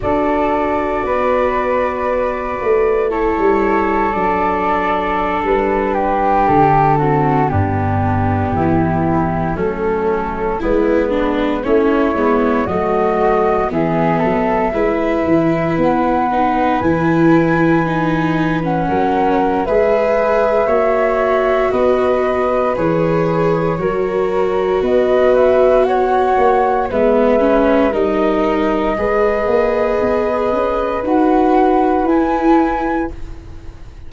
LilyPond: <<
  \new Staff \with { instrumentName = "flute" } { \time 4/4 \tempo 4 = 58 d''2. cis''4 | d''4~ d''16 b'4 a'4 g'8.~ | g'4~ g'16 a'4 b'4 cis''8.~ | cis''16 dis''4 e''2 fis''8.~ |
fis''16 gis''4.~ gis''16 fis''4 e''4~ | e''4 dis''4 cis''2 | dis''8 e''8 fis''4 e''4 dis''4~ | dis''2 fis''4 gis''4 | }
  \new Staff \with { instrumentName = "flute" } { \time 4/4 a'4 b'2 a'4~ | a'4.~ a'16 g'4 fis'8 d'8.~ | d'16 e'4 cis'4 b4 e'8.~ | e'16 fis'4 gis'8 a'8 b'4.~ b'16~ |
b'2~ b'16 ais'8. b'4 | cis''4 b'2 ais'4 | b'4 cis''4 b'4 ais'4 | b'1 | }
  \new Staff \with { instrumentName = "viola" } { \time 4/4 fis'2. e'4 | d'2~ d'8. c'8 b8.~ | b4~ b16 a4 e'8 d'8 cis'8 b16~ | b16 a4 b4 e'4. dis'16~ |
dis'16 e'4 dis'8. cis'4 gis'4 | fis'2 gis'4 fis'4~ | fis'2 b8 cis'8 dis'4 | gis'2 fis'4 e'4 | }
  \new Staff \with { instrumentName = "tuba" } { \time 4/4 d'4 b4. a8. g8. | fis4~ fis16 g4 d4 g,8.~ | g,16 e4 fis4 gis4 a8 gis16~ | gis16 fis4 e8 fis8 gis8 e8 b8.~ |
b16 e2 fis8. gis4 | ais4 b4 e4 fis4 | b4. ais8 gis4 g4 | gis8 ais8 b8 cis'8 dis'4 e'4 | }
>>